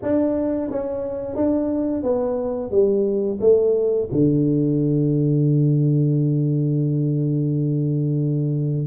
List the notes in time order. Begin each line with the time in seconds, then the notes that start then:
0.02 D4
0.70 C#4
1.35 D4
2.03 B3
2.71 G3
3.40 A3
4.12 D3